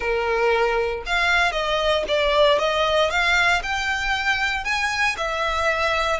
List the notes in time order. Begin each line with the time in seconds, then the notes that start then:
0.00 A#4
1.06 F5
1.52 D#5
2.08 D5
2.58 D#5
3.10 F5
3.62 G5
4.64 G#5
5.17 E5